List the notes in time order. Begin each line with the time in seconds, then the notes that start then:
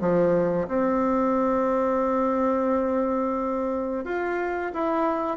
0.00 F3
0.67 C4
4.04 F4
4.73 E4